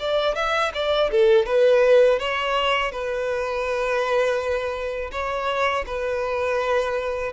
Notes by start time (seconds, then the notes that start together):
0.00 D5
0.36 E5
0.74 D5
1.11 A4
1.46 B4
2.20 C#5
2.92 B4
5.12 C#5
5.87 B4